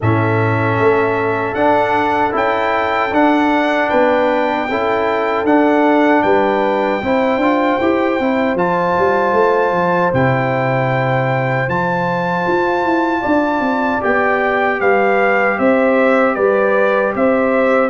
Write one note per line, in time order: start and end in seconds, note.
0.00 0.78 A2
0.00 1.56 C#4
0.00 3.89 A4
0.00 1.54 E5
0.78 1.55 A3
1.54 2.32 D4
1.54 2.31 D4
1.54 2.32 F#5
2.31 3.11 C#4
2.31 3.09 E4
2.31 3.13 G5
3.11 3.89 D4
3.11 4.69 D4
3.11 3.89 F#5
3.89 4.69 B3
3.89 4.67 B4
3.89 5.45 G5
4.69 5.43 C#4
4.69 5.45 E4
4.69 6.24 A4
5.43 6.21 D4
5.43 7.01 D4
5.43 6.22 F#5
6.22 7.02 G3
6.22 7.02 B4
6.22 8.56 G5
7.02 7.37 C4
7.02 7.41 E4
7.02 13.21 C5
7.37 7.75 D4
7.37 7.80 F4
7.80 8.19 E4
7.80 8.20 G4
8.19 8.54 C4
8.19 8.56 E4
8.54 8.93 F3
8.54 10.12 F4
8.54 10.13 A5
8.98 9.32 G3
9.32 9.71 A3
9.71 10.10 F3
10.13 11.68 C3
10.13 11.69 E4
10.13 11.69 G5
11.68 12.46 F3
11.68 14.00 F4
11.68 14.02 A5
12.47 12.83 F4
12.83 13.22 E4
13.21 13.60 D4
13.21 14.77 D5
13.60 13.99 C4
14.00 14.80 B3
14.00 17.89 G4
14.00 14.80 G5
14.80 15.58 G3
14.80 15.57 B4
14.80 15.58 F5
15.58 16.36 C4
15.58 16.35 C5
15.58 16.34 E5
16.34 17.14 G3
16.34 17.13 B4
16.34 17.12 D5
17.15 17.89 C4
17.15 17.89 C5
17.15 17.89 E5